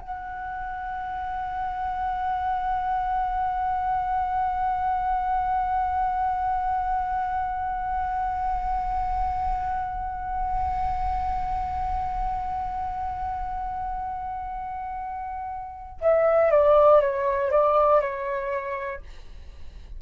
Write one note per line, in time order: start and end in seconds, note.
0.00 16.00 F#5
16.00 16.50 E5
16.50 17.00 D5
17.00 17.50 C#5
17.50 18.00 D5
18.00 19.00 C#5